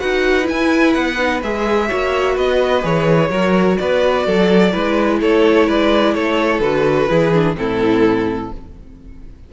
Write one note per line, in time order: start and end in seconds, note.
0.00 0.50 D#4
0.00 0.44 F#4
0.00 1.87 B4
0.00 0.47 F#5
0.44 1.15 E4
0.44 0.94 G#5
0.50 0.96 E4
0.94 1.43 B3
0.94 1.41 F#5
1.19 1.42 D#4
1.43 1.90 G#3
1.43 1.89 G#4
1.43 2.38 E5
1.87 2.38 A#3
1.87 2.83 F#4
1.87 2.34 C#5
2.34 2.84 B3
2.34 3.29 B4
2.34 2.85 D#5
2.83 3.30 E3
2.83 3.30 G#4
2.83 3.78 C#5
3.30 3.77 F#3
3.30 4.73 F#4
3.30 3.77 A#4
3.78 4.27 B3
3.78 4.27 B4
3.78 5.19 D5
4.27 4.74 F#3
4.27 4.72 A4
4.72 5.22 G#3
4.72 6.62 E4
4.72 5.20 B4
5.21 5.69 A3
5.21 5.67 A4
5.21 5.69 C#5
5.67 6.15 G#3
5.67 6.14 B4
5.67 6.14 D5
6.14 6.60 A3
6.14 7.09 A4
6.14 6.61 C#5
6.60 7.07 D3
6.60 7.09 F#4
6.60 7.55 B4
7.09 7.57 E3
7.09 7.33 E4
7.09 7.57 G#4
7.34 7.56 D4
7.56 8.52 A2
7.56 8.51 C4
7.56 8.53 E4
7.56 8.52 A4